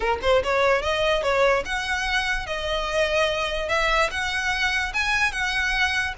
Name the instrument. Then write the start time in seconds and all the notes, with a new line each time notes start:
violin
0.00 A#4
0.22 C5
0.43 C#5
0.82 D#5
1.22 C#5
1.65 F#5
2.46 D#5
3.68 E5
4.10 F#5
4.93 G#5
5.31 F#5